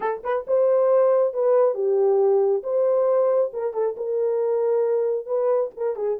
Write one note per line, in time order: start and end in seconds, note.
0.00 0.22 A4
0.23 0.45 B4
0.47 1.33 C5
1.33 1.74 B4
1.74 2.62 G4
2.63 3.51 C5
3.53 3.73 A#4
3.73 3.95 A4
3.97 5.26 A#4
5.26 5.70 B4
5.76 5.96 A#4
5.96 6.18 G#4